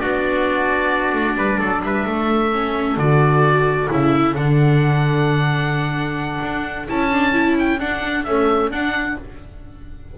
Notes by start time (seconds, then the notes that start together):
0.00 B3 D4 F#4 D5
1.14 A3
1.37 G3 B4
1.59 F#3 A4
1.83 G3 B4 E5
2.06 A3 A4
2.52 C#4
2.97 D3 F#4 D5
3.90 C#3 E4 E5
4.34 D3 D4 F#5
6.42 D4
6.88 C#4 E4 A5
7.12 D4
7.33 E4
7.59 G5
7.80 D4 F#5
8.24 A3 C#4 E5
8.71 D4 F#5